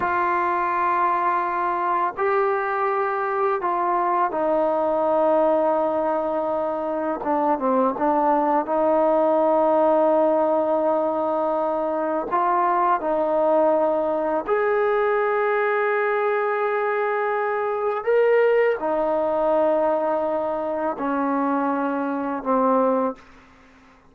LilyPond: \new Staff \with { instrumentName = "trombone" } { \time 4/4 \tempo 4 = 83 f'2. g'4~ | g'4 f'4 dis'2~ | dis'2 d'8 c'8 d'4 | dis'1~ |
dis'4 f'4 dis'2 | gis'1~ | gis'4 ais'4 dis'2~ | dis'4 cis'2 c'4 | }